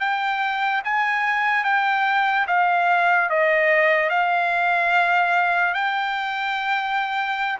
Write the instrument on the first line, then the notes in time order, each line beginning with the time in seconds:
trumpet
0.00 G5
0.84 G#5
1.64 G5
2.47 F5
3.30 D#5
4.09 F5
5.74 G5